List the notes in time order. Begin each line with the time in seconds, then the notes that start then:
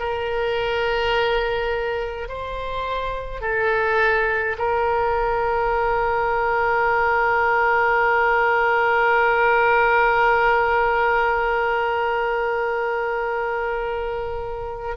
0.00 A#4
2.29 C5
3.41 A4
4.58 A#4